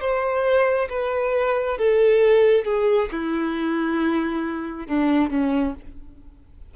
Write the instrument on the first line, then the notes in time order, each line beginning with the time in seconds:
violin
0.00 C5
0.89 B4
1.78 A4
2.65 G#4
3.11 E4
4.87 D4
5.30 C#4